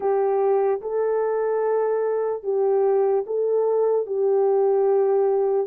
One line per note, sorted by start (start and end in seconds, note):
0.00 0.81 G4
0.81 2.43 A4
2.43 3.24 G4
3.26 4.06 A4
4.06 5.66 G4